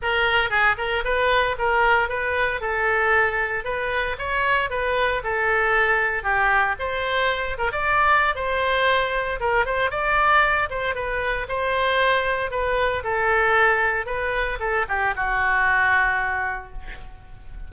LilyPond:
\new Staff \with { instrumentName = "oboe" } { \time 4/4 \tempo 4 = 115 ais'4 gis'8 ais'8 b'4 ais'4 | b'4 a'2 b'4 | cis''4 b'4 a'2 | g'4 c''4. ais'16 d''4~ d''16 |
c''2 ais'8 c''8 d''4~ | d''8 c''8 b'4 c''2 | b'4 a'2 b'4 | a'8 g'8 fis'2. | }